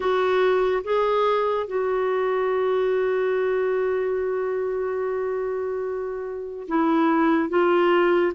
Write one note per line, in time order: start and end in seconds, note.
0.00 0.82 F#4
0.84 1.67 G#4
1.67 6.67 F#4
6.68 7.49 E4
7.49 8.32 F4